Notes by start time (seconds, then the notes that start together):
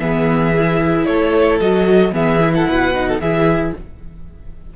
0.00 E3 B3 G#4 E5
0.57 E4
1.06 A3 A4 C#5
1.61 F#3 F#4 D#5
2.13 E3 B3 G#4 E5
2.41 E4
2.54 A4 F#5
2.69 B2 B4
2.95 D#4
3.09 A4
3.20 E3 E4 G#4 E5